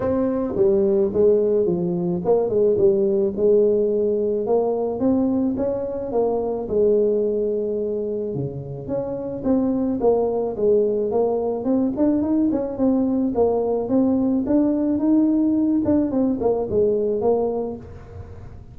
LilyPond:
\new Staff \with { instrumentName = "tuba" } { \time 4/4 \tempo 4 = 108 c'4 g4 gis4 f4 | ais8 gis8 g4 gis2 | ais4 c'4 cis'4 ais4 | gis2. cis4 |
cis'4 c'4 ais4 gis4 | ais4 c'8 d'8 dis'8 cis'8 c'4 | ais4 c'4 d'4 dis'4~ | dis'8 d'8 c'8 ais8 gis4 ais4 | }